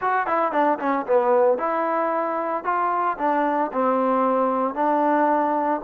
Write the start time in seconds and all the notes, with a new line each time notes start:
0.01 F#4
0.26 E4
0.51 D4
0.79 C#4
1.06 B3
1.58 E4
2.64 F4
3.18 D4
3.72 C4
4.74 D4